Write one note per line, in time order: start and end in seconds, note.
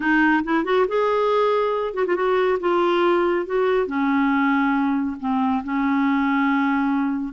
0.00 0.43 D#4
0.44 0.64 E4
0.64 0.86 F#4
0.88 1.94 G#4
1.94 2.04 F#4
2.06 2.15 F4
2.15 2.58 F#4
2.59 3.46 F4
3.46 3.87 F#4
3.87 5.16 C#4
5.20 5.63 C4
5.64 7.33 C#4